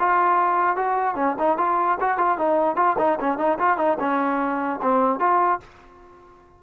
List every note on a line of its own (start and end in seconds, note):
0.00 0.77 F4
0.77 1.15 F#4
1.15 1.36 C#4
1.39 1.58 D#4
1.58 1.98 F4
2.00 2.18 F#4
2.18 2.38 F4
2.38 2.76 D#4
2.76 2.96 F4
2.99 3.19 D#4
3.20 3.38 C#4
3.38 3.58 D#4
3.59 3.78 F4
3.78 3.98 D#4
4.00 4.80 C#4
4.82 5.20 C4
5.20 5.60 F4